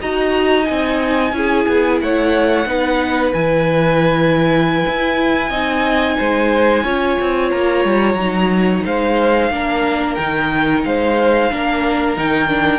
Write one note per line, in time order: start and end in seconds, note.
0.00 0.69 D#4
0.00 0.65 F#4
0.00 1.33 D#5
0.00 0.65 A#5
0.65 1.32 C4
0.65 1.31 D#4
0.65 1.99 G#5
1.32 1.66 C#4
1.32 2.67 E4
1.32 2.04 G#4
1.68 2.01 B3
2.01 2.66 A3
2.01 2.68 C#5
2.01 3.33 F#5
2.66 3.32 B3
2.66 3.33 D#4
2.66 5.50 B4
3.33 4.84 E3
3.33 5.52 E4
3.33 7.50 G#5
4.87 5.50 E4
5.50 6.17 C4
5.50 6.84 D#4
5.50 6.17 D#5
6.18 6.84 G#3
6.18 6.84 C5
6.84 7.17 C#4
6.84 8.18 F4
6.84 8.84 C#5
7.21 7.52 C4
7.51 7.85 A#3
7.51 8.84 A#5
7.85 8.14 G3
8.14 8.81 F#3
8.14 9.52 D#4
8.85 9.51 G#3
8.85 9.52 C5
8.85 10.15 F5
9.51 10.17 A#3
9.51 10.19 D4
9.51 10.87 A#4
10.15 10.85 D#3
10.15 11.51 D#4
10.15 10.81 G5
10.85 11.52 G#3
10.85 11.52 C5
10.85 12.18 F5
11.51 12.17 A#3
11.51 12.17 D4
11.51 12.80 A#4
12.17 12.80 D#3
12.17 12.48 D#4
12.17 12.80 G5
12.48 12.80 D4